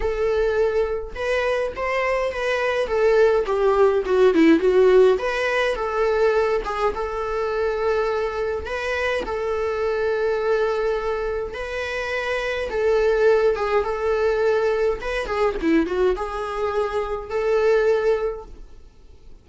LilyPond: \new Staff \with { instrumentName = "viola" } { \time 4/4 \tempo 4 = 104 a'2 b'4 c''4 | b'4 a'4 g'4 fis'8 e'8 | fis'4 b'4 a'4. gis'8 | a'2. b'4 |
a'1 | b'2 a'4. gis'8 | a'2 b'8 gis'8 e'8 fis'8 | gis'2 a'2 | }